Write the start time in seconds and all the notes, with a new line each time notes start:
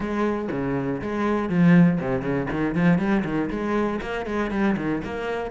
0.00 G#3
0.51 C#3
1.01 G#3
1.49 F3
2.00 C3
2.21 C#3
2.50 D#3
2.75 F3
2.98 G3
3.24 D#3
3.50 G#3
4.01 A#3
4.25 G#3
4.50 G3
4.77 D#3
5.04 A#3